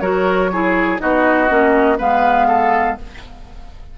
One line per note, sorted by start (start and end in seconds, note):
0.00 0.99 F#3
0.00 0.51 F#4
0.00 0.51 A#4
0.00 0.98 C#5
0.52 0.98 E4
0.52 1.01 G#4
0.98 1.50 B3
0.98 1.48 D#4
0.98 1.98 F#4
0.98 1.99 D#5
1.48 1.99 A#3
1.48 1.98 C#4
1.98 2.98 G#3
1.98 2.98 B3
1.98 2.47 B4
1.98 2.98 F5
2.48 2.97 A4